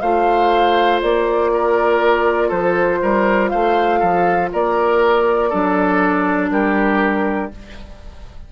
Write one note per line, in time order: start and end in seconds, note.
0.00 1.01 A3
0.00 5.51 F4
0.00 1.51 C5
0.00 1.00 F5
1.01 2.51 A#3
1.01 2.51 D5
1.53 2.48 A#4
2.48 3.01 F3
2.48 2.98 A4
2.48 3.49 C5
3.02 3.52 G3
3.02 3.51 A#4
3.49 4.01 A3
3.49 3.99 C5
3.49 4.49 F5
3.99 4.51 F3
3.99 4.49 A4
4.53 5.53 A#3
4.53 5.49 A#4
4.53 6.50 D5
5.49 6.50 F#3
5.49 7.51 D4
5.49 6.49 A4
6.50 7.50 G3
6.50 7.52 G4
6.50 7.50 A#4